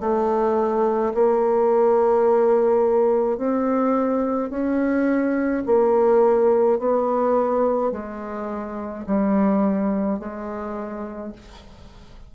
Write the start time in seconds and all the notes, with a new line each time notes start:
0.00 A3
1.14 A#3
3.38 C4
4.50 C#4
5.66 A#3
6.79 B3
7.91 G#3
9.06 G3
10.19 G#3